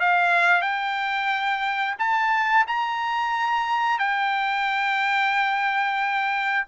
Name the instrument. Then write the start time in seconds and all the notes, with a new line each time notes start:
trumpet
0.00 F5
0.62 G5
1.98 A5
2.67 A#5
3.99 G5